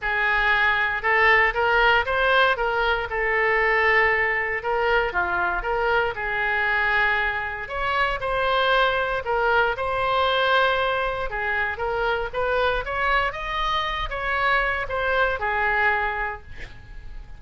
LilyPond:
\new Staff \with { instrumentName = "oboe" } { \time 4/4 \tempo 4 = 117 gis'2 a'4 ais'4 | c''4 ais'4 a'2~ | a'4 ais'4 f'4 ais'4 | gis'2. cis''4 |
c''2 ais'4 c''4~ | c''2 gis'4 ais'4 | b'4 cis''4 dis''4. cis''8~ | cis''4 c''4 gis'2 | }